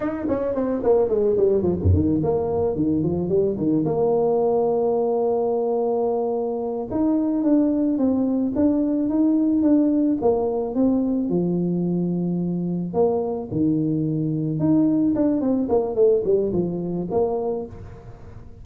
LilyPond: \new Staff \with { instrumentName = "tuba" } { \time 4/4 \tempo 4 = 109 dis'8 cis'8 c'8 ais8 gis8 g8 f16 fis,16 dis8 | ais4 dis8 f8 g8 dis8 ais4~ | ais1~ | ais8 dis'4 d'4 c'4 d'8~ |
d'8 dis'4 d'4 ais4 c'8~ | c'8 f2. ais8~ | ais8 dis2 dis'4 d'8 | c'8 ais8 a8 g8 f4 ais4 | }